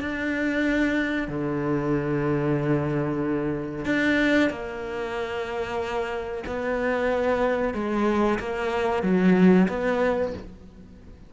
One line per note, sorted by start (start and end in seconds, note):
0.00 1.28 D4
1.28 3.85 D3
3.85 4.50 D4
4.50 6.43 A#3
6.46 7.74 B3
7.74 8.38 G#3
8.39 9.03 A#3
9.03 9.67 F#3
9.68 10.33 B3